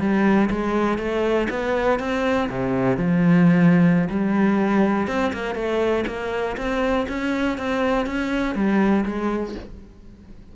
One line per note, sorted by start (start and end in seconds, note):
0.00 0.50 G3
0.51 0.98 G#3
0.98 1.48 A3
1.50 2.00 B3
2.00 2.50 C4
2.50 2.97 C3
2.97 4.09 F3
4.10 5.08 G3
5.08 5.33 C4
5.33 5.55 A#3
5.55 6.05 A3
6.07 6.57 A#3
6.57 7.07 C4
7.09 7.58 C#4
7.58 8.07 C4
8.07 8.55 C#4
8.55 9.05 G3
9.06 9.55 G#3